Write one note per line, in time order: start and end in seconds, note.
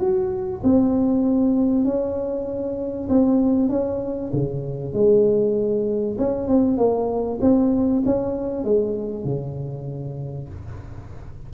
0.00 0.62 F#4
0.64 1.85 C4
1.85 3.09 C#4
3.10 3.69 C4
3.69 4.31 C#4
4.34 4.94 C#3
4.94 6.17 G#3
6.19 6.48 C#4
6.48 6.78 C4
6.78 7.40 A#3
7.42 8.04 C4
8.06 8.65 C#4
8.65 9.25 G#3
9.25 10.49 C#3